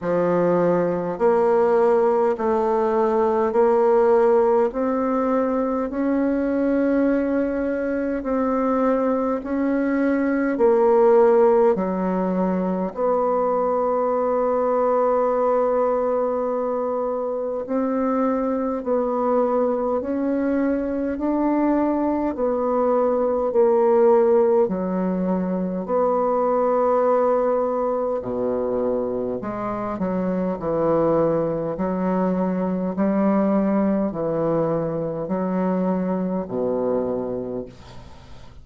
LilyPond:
\new Staff \with { instrumentName = "bassoon" } { \time 4/4 \tempo 4 = 51 f4 ais4 a4 ais4 | c'4 cis'2 c'4 | cis'4 ais4 fis4 b4~ | b2. c'4 |
b4 cis'4 d'4 b4 | ais4 fis4 b2 | b,4 gis8 fis8 e4 fis4 | g4 e4 fis4 b,4 | }